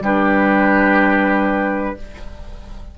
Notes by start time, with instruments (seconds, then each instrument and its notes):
0.00 bassoon G3, clarinet D4, oboe G4, flute B4